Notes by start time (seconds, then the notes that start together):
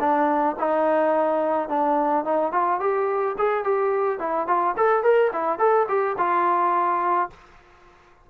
0.00 D4
0.59 D#4
1.69 D4
2.25 D#4
2.52 F4
2.80 G4
3.38 G#4
3.64 G4
4.19 E4
4.47 F4
4.77 A4
5.03 A#4
5.33 E4
5.59 A4
5.88 G4
6.18 F4